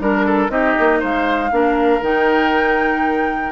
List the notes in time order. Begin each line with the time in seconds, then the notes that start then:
0.00 G3 D4 A#4
0.26 A4
0.49 C4 D#4 G4 D#5
0.79 A#3
0.99 G#3 C5 F5
1.51 A#3 D4 A#4
2.01 D#3 D#4 G5